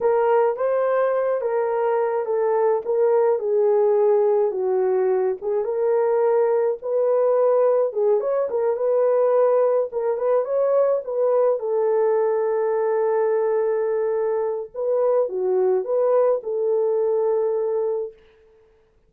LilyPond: \new Staff \with { instrumentName = "horn" } { \time 4/4 \tempo 4 = 106 ais'4 c''4. ais'4. | a'4 ais'4 gis'2 | fis'4. gis'8 ais'2 | b'2 gis'8 cis''8 ais'8 b'8~ |
b'4. ais'8 b'8 cis''4 b'8~ | b'8 a'2.~ a'8~ | a'2 b'4 fis'4 | b'4 a'2. | }